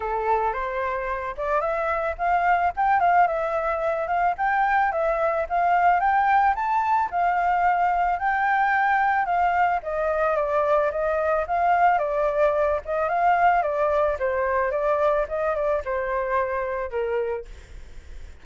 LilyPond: \new Staff \with { instrumentName = "flute" } { \time 4/4 \tempo 4 = 110 a'4 c''4. d''8 e''4 | f''4 g''8 f''8 e''4. f''8 | g''4 e''4 f''4 g''4 | a''4 f''2 g''4~ |
g''4 f''4 dis''4 d''4 | dis''4 f''4 d''4. dis''8 | f''4 d''4 c''4 d''4 | dis''8 d''8 c''2 ais'4 | }